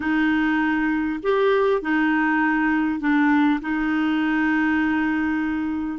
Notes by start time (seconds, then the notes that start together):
0.00 D#4
1.22 G4
1.81 D#4
3.00 D4
3.61 D#4